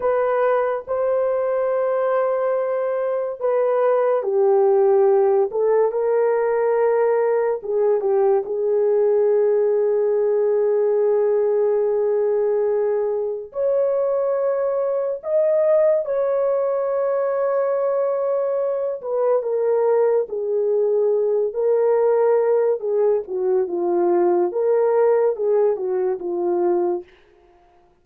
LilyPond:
\new Staff \with { instrumentName = "horn" } { \time 4/4 \tempo 4 = 71 b'4 c''2. | b'4 g'4. a'8 ais'4~ | ais'4 gis'8 g'8 gis'2~ | gis'1 |
cis''2 dis''4 cis''4~ | cis''2~ cis''8 b'8 ais'4 | gis'4. ais'4. gis'8 fis'8 | f'4 ais'4 gis'8 fis'8 f'4 | }